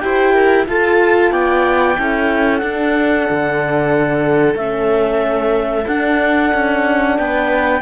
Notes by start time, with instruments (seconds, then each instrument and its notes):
0.00 cello E4, horn G4, viola C5, clarinet G5
0.33 viola A#4
0.66 horn F4, cello F4, viola A4, clarinet A5
1.32 cello B3, viola D5, clarinet G5
1.96 cello C#4, horn E4, viola A4
2.58 horn D4, cello D4, clarinet F#5
3.31 cello D3
4.56 cello A3, horn C#4, clarinet E5
5.87 cello D4, horn D4, clarinet F#5
6.54 cello C#4
7.18 cello B3, viola B4, clarinet G5